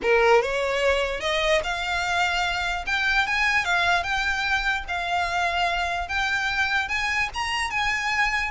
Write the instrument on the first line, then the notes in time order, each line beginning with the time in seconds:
violin
0.02 A#4
0.42 C#5
1.20 D#5
1.63 F5
2.86 G5
3.26 G#5
3.64 F5
4.03 G5
4.88 F5
6.08 G5
6.88 G#5
7.34 A#5
7.70 G#5